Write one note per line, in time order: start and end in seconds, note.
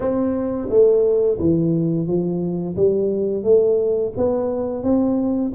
0.00 0.68 C4
0.69 1.38 A3
1.38 2.07 E3
2.07 2.76 F3
2.76 3.43 G3
3.43 4.12 A3
4.16 4.83 B3
4.83 5.52 C4